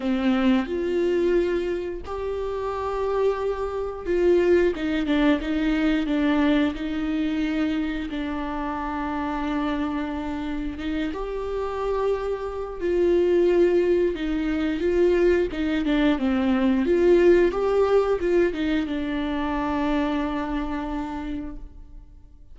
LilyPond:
\new Staff \with { instrumentName = "viola" } { \time 4/4 \tempo 4 = 89 c'4 f'2 g'4~ | g'2 f'4 dis'8 d'8 | dis'4 d'4 dis'2 | d'1 |
dis'8 g'2~ g'8 f'4~ | f'4 dis'4 f'4 dis'8 d'8 | c'4 f'4 g'4 f'8 dis'8 | d'1 | }